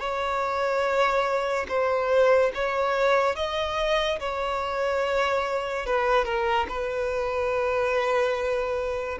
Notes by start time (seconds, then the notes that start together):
0.00 C#5
1.69 C5
2.55 C#5
3.36 D#5
4.20 C#5
5.86 B4
6.25 A#4
6.69 B4